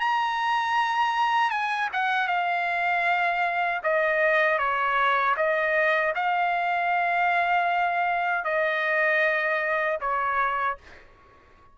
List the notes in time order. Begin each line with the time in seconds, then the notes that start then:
0.00 A#5
1.50 G#5
1.93 F#5
2.28 F5
3.83 D#5
4.58 C#5
5.37 D#5
6.15 F5
8.44 D#5
10.01 C#5